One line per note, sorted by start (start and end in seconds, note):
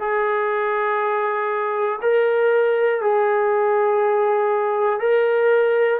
0.00 2.00 G#4
2.02 3.01 A#4
3.01 5.00 G#4
5.00 6.00 A#4